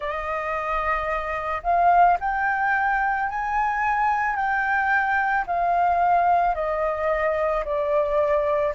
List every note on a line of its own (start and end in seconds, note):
0.00 1.62 D#5
1.63 2.18 F5
2.20 3.29 G5
3.29 4.35 G#5
4.35 5.44 G5
5.46 6.55 F5
6.55 7.64 D#5
7.65 8.74 D5